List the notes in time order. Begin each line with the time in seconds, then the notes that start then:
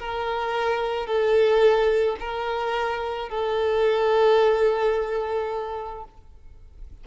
0.00 A#4
1.07 A4
2.20 A#4
3.29 A4